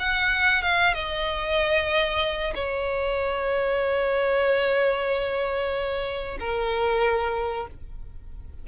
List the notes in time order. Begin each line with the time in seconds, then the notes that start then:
0.00 F#5
0.63 F5
0.95 D#5
2.55 C#5
6.40 A#4